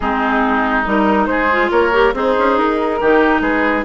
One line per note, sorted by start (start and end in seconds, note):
0.00 0.85 G#3
0.00 0.85 C4
0.00 1.29 D#4
0.00 0.85 G#4
0.85 1.26 G3
0.85 1.49 D#4
0.85 1.26 A#4
1.26 1.69 G#3
1.26 1.71 G#4
1.26 1.69 C5
1.51 1.92 F4
1.71 2.13 A#3
1.71 2.14 A#4
1.71 2.14 C#5
1.92 2.14 G4
2.13 2.35 C4
2.13 3.00 D#4
2.13 3.00 G#4
2.13 2.58 C5
2.37 2.57 C#4
2.57 3.00 D#4
2.57 3.41 A#4
3.00 3.41 D#3
3.00 3.84 D#4
3.00 3.41 G4
3.41 3.83 G#3
3.41 3.84 G#4
3.41 3.84 B4